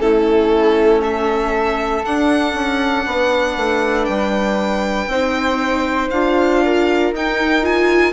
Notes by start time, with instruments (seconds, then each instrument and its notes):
0.00 bassoon A3, viola C#4, flute E4, violin A4
1.01 flute A4, violin E5
2.05 bassoon D4, viola D4, violin F#5
2.54 bassoon C#4
3.07 bassoon B3, flute B4
3.57 bassoon A3
4.05 bassoon G3, violin G5
5.07 bassoon C4, viola D#4, flute C5
6.10 bassoon D4, viola F4, violin F5
6.64 flute A#4
7.12 bassoon D#4, viola D#4, violin G5
7.63 viola F4, violin G#5